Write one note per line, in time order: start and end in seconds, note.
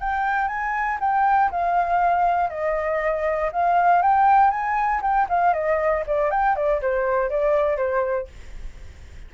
0.00 0.47 G5
0.47 0.98 G#5
1.00 1.50 G5
1.51 2.50 F5
2.50 3.50 D#5
3.52 4.02 F5
4.02 4.50 G5
4.50 5.01 G#5
5.01 5.27 G5
5.28 5.53 F5
5.53 6.03 D#5
6.06 6.30 D5
6.30 6.55 G5
6.55 6.81 D5
6.81 7.29 C5
7.29 7.77 D5
7.77 8.27 C5